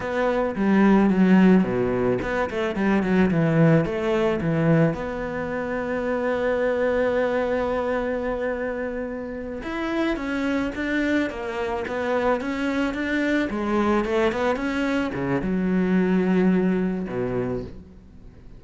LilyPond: \new Staff \with { instrumentName = "cello" } { \time 4/4 \tempo 4 = 109 b4 g4 fis4 b,4 | b8 a8 g8 fis8 e4 a4 | e4 b2.~ | b1~ |
b4. e'4 cis'4 d'8~ | d'8 ais4 b4 cis'4 d'8~ | d'8 gis4 a8 b8 cis'4 cis8 | fis2. b,4 | }